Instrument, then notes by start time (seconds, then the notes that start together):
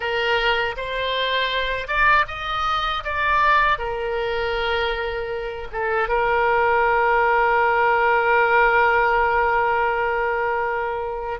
oboe
0.00 A#4
0.77 C5
1.87 D5
2.27 D#5
3.03 D5
3.78 A#4
5.72 A4
6.08 A#4